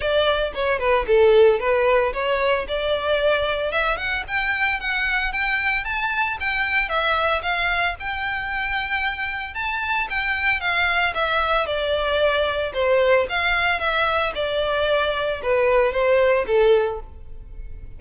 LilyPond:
\new Staff \with { instrumentName = "violin" } { \time 4/4 \tempo 4 = 113 d''4 cis''8 b'8 a'4 b'4 | cis''4 d''2 e''8 fis''8 | g''4 fis''4 g''4 a''4 | g''4 e''4 f''4 g''4~ |
g''2 a''4 g''4 | f''4 e''4 d''2 | c''4 f''4 e''4 d''4~ | d''4 b'4 c''4 a'4 | }